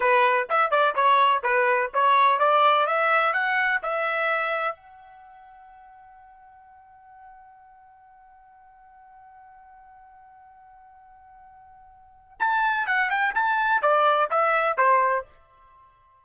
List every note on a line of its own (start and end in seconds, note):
0.00 0.47 B4
0.49 0.71 E5
0.71 0.94 D5
0.95 1.43 C#5
1.43 1.90 B4
1.93 2.39 C#5
2.39 2.86 D5
2.86 3.33 E5
3.33 3.80 F#5
3.82 4.75 E5
4.75 12.37 F#5
12.39 12.86 A5
12.86 13.10 F#5
13.10 13.34 G5
13.34 13.82 A5
13.82 14.29 D5
14.30 14.77 E5
14.77 15.25 C5